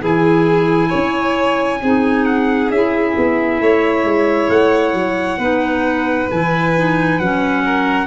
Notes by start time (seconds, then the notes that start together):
0.00 E3 E4 G#4 G#5
0.89 C#4 C#5
1.82 C4 D#4 G#4
2.25 F#5
2.70 C#4 E4 E5
3.17 B3
3.60 A3 C#5
4.03 G#3
4.49 A3 F#5
4.93 F#3
5.38 B3 D#4 B4
6.30 E3 E4 G#5
6.76 D#4
7.19 F#3 C#4 F#5
7.65 A#4